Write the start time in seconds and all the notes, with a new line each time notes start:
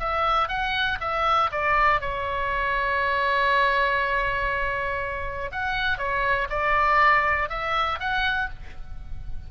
0.00 E5
0.49 F#5
1.01 E5
1.52 D5
2.01 C#5
5.52 F#5
5.98 C#5
6.50 D5
7.49 E5
8.00 F#5